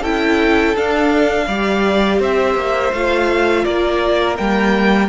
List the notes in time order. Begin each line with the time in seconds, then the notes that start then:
0.00 C#4 E4 A4 G5
0.75 D4 F5
1.47 G3 G4 D5
2.19 C4 C5 E5
2.55 A#3
2.92 A3 F4 F5
3.64 A#3 A#4 D5
4.36 G3 A#3 G5